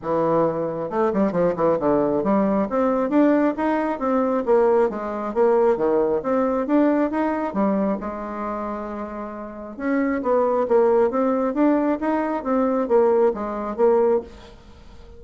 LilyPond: \new Staff \with { instrumentName = "bassoon" } { \time 4/4 \tempo 4 = 135 e2 a8 g8 f8 e8 | d4 g4 c'4 d'4 | dis'4 c'4 ais4 gis4 | ais4 dis4 c'4 d'4 |
dis'4 g4 gis2~ | gis2 cis'4 b4 | ais4 c'4 d'4 dis'4 | c'4 ais4 gis4 ais4 | }